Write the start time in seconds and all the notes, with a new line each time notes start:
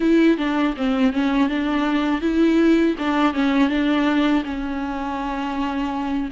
0.00 E4
0.37 D4
0.76 C4
1.12 C#4
1.49 D4
2.21 E4
2.98 D4
3.33 C#4
3.69 D4
4.44 C#4